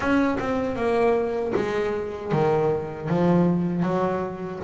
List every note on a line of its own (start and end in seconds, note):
0.00 0.37 C#4
0.39 0.76 C4
0.76 1.52 A#3
1.55 2.31 G#3
2.31 3.08 D#3
3.08 3.83 F3
3.83 4.59 F#3